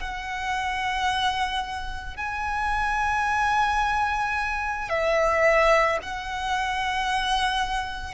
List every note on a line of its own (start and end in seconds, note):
0.00 2.17 F#5
2.17 4.90 G#5
4.90 5.99 E5
6.02 8.15 F#5